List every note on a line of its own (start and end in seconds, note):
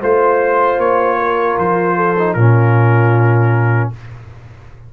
0.00 0.78 A3
0.00 2.16 F4
0.00 1.17 C5
0.00 0.80 C5
0.78 1.56 A#3
0.78 1.58 C#5
1.18 1.96 A#4
1.58 2.35 F3
1.58 2.34 C5
1.96 2.35 A4
2.18 2.37 D#4
2.34 3.91 A#2
2.34 3.93 C#4
2.34 3.90 F4
2.34 3.89 A#4